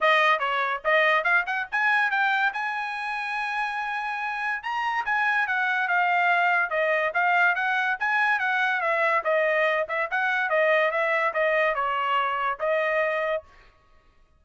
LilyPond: \new Staff \with { instrumentName = "trumpet" } { \time 4/4 \tempo 4 = 143 dis''4 cis''4 dis''4 f''8 fis''8 | gis''4 g''4 gis''2~ | gis''2. ais''4 | gis''4 fis''4 f''2 |
dis''4 f''4 fis''4 gis''4 | fis''4 e''4 dis''4. e''8 | fis''4 dis''4 e''4 dis''4 | cis''2 dis''2 | }